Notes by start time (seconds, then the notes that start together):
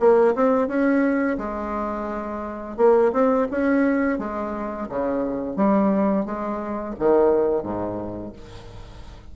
0.00 A#3
0.35 C4
0.68 C#4
1.38 G#3
2.77 A#3
3.13 C4
3.51 C#4
4.19 G#3
4.89 C#3
5.57 G3
6.26 G#3
6.99 D#3
7.63 G#2